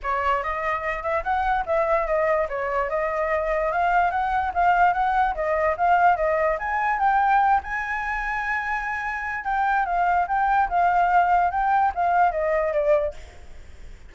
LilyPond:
\new Staff \with { instrumentName = "flute" } { \time 4/4 \tempo 4 = 146 cis''4 dis''4. e''8 fis''4 | e''4 dis''4 cis''4 dis''4~ | dis''4 f''4 fis''4 f''4 | fis''4 dis''4 f''4 dis''4 |
gis''4 g''4. gis''4.~ | gis''2. g''4 | f''4 g''4 f''2 | g''4 f''4 dis''4 d''4 | }